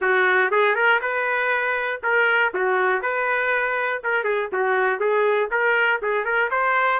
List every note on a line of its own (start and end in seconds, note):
0.01 0.51 F#4
0.51 0.75 G#4
0.75 1.00 A#4
1.01 2.01 B4
2.02 2.52 A#4
2.54 3.02 F#4
3.02 4.02 B4
4.03 4.24 A#4
4.24 4.49 G#4
4.52 4.99 F#4
4.99 5.49 G#4
5.50 6.00 A#4
6.02 6.24 G#4
6.24 6.49 A#4
6.50 7.00 C5